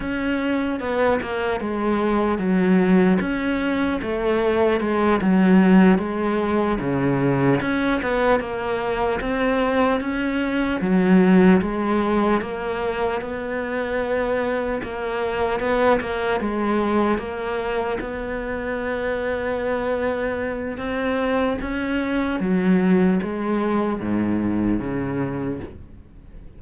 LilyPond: \new Staff \with { instrumentName = "cello" } { \time 4/4 \tempo 4 = 75 cis'4 b8 ais8 gis4 fis4 | cis'4 a4 gis8 fis4 gis8~ | gis8 cis4 cis'8 b8 ais4 c'8~ | c'8 cis'4 fis4 gis4 ais8~ |
ais8 b2 ais4 b8 | ais8 gis4 ais4 b4.~ | b2 c'4 cis'4 | fis4 gis4 gis,4 cis4 | }